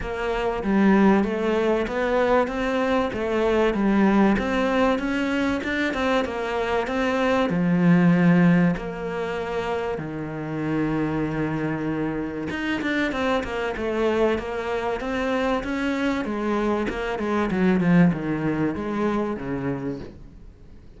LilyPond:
\new Staff \with { instrumentName = "cello" } { \time 4/4 \tempo 4 = 96 ais4 g4 a4 b4 | c'4 a4 g4 c'4 | cis'4 d'8 c'8 ais4 c'4 | f2 ais2 |
dis1 | dis'8 d'8 c'8 ais8 a4 ais4 | c'4 cis'4 gis4 ais8 gis8 | fis8 f8 dis4 gis4 cis4 | }